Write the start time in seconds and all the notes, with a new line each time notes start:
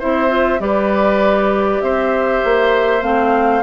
0.00 C4 E4 C5 E5
0.29 F4
0.60 G3 G4 B4 D5
1.82 C4 C5 E5
2.45 A#3
3.02 A3 C4 F5